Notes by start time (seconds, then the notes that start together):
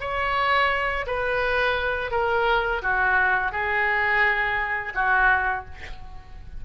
0.00 C#5
1.07 B4
2.11 A#4
2.82 F#4
3.52 G#4
4.94 F#4